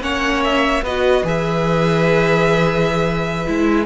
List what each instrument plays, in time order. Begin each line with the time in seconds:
0.00 cello A#3, viola C#4, violin C#5 F#5
0.43 violin E5
0.82 cello B3, viola F#4, violin B4 D#5
1.24 cello E3, viola G#4, violin E5
3.46 cello G#3, viola E4